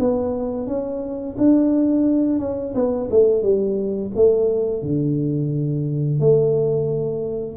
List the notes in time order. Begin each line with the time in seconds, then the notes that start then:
0.00 B3
0.67 C#4
1.38 D4
2.40 C#4
2.75 B3
3.11 A3
3.43 G3
4.16 A3
4.83 D3
6.20 A3